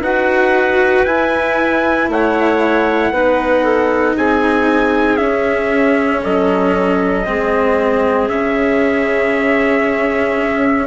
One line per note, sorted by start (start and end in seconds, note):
0.00 1.03 D#4
0.00 1.06 F#4
0.00 2.09 B4
0.00 1.05 F#5
1.05 2.08 E4
1.05 3.13 E4
1.05 2.08 G#5
2.08 3.11 A3
2.08 3.12 C#5
2.08 4.17 F#5
3.11 4.15 B3
3.11 5.17 D#4
3.11 3.63 B4
3.63 4.15 A4
4.16 5.19 C4
4.16 6.22 G#4
4.16 5.16 G#5
5.16 7.24 C#4
5.16 6.23 C#4
5.16 6.20 E5
6.22 7.27 F#3
6.22 7.26 A4
6.22 8.28 D#5
7.26 8.28 G#3
7.26 8.29 C4
7.26 10.87 G#4
8.28 10.35 C#3
8.28 10.87 C#4
8.28 10.87 E5
10.39 10.87 C#4